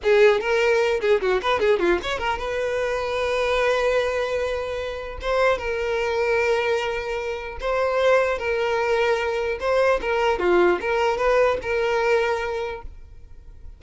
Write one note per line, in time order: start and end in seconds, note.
0.03 0.40 G#4
0.40 1.00 A#4
1.00 1.20 G#4
1.21 1.41 F#4
1.41 1.59 B4
1.59 1.79 G#4
1.79 1.99 F4
2.03 2.18 C#5
2.18 2.38 A#4
2.38 5.18 B4
5.21 5.57 C5
5.57 7.57 A#4
7.60 8.38 C5
8.38 9.58 A#4
9.60 10.00 C5
10.01 10.39 A#4
10.39 10.79 F4
10.80 11.17 A#4
11.17 11.57 B4
11.62 12.82 A#4